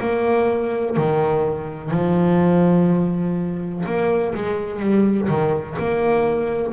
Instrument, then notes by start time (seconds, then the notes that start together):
double bass
0.00 A#3
0.97 D#3
1.91 F3
3.86 A#3
4.35 G#3
4.80 G3
5.29 D#3
5.79 A#3